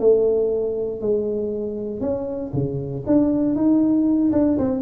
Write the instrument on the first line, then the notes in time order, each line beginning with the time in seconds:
tuba
0.00 A3
1.01 G#3
2.01 C#4
2.54 C#3
3.07 D4
3.56 D#4
4.33 D4
4.59 C4